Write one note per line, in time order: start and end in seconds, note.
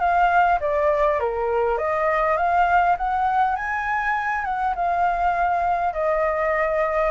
0.00 0.59 F5
0.60 1.20 D5
1.20 1.78 A#4
1.78 2.37 D#5
2.37 2.96 F5
2.98 3.56 F#5
3.56 4.45 G#5
4.45 4.74 F#5
4.76 5.94 F5
5.94 7.12 D#5